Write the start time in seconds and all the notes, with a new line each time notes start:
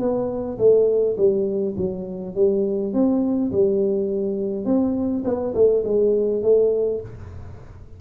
0.00 B3
0.59 A3
1.17 G3
1.77 F#3
2.35 G3
2.94 C4
3.52 G3
4.65 C4
5.25 B3
5.55 A3
5.85 G#3
6.43 A3